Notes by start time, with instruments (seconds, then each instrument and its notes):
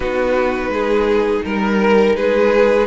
0.00 cello B3, viola D#4, violin F#4 B4
0.68 cello G#3, violin G#4
1.44 cello G3, violin A#4
2.15 cello G#3, violin G#4 B4